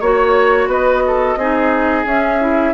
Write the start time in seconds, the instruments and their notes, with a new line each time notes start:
0.00 bassoon A#3, clarinet F#4, flute C#5, oboe C#5
0.67 bassoon B3, oboe B4, flute D#5
1.07 oboe A4
1.37 bassoon C4, clarinet D#4, oboe G#4
2.05 clarinet C#4, bassoon C#4, flute E5
2.40 clarinet E4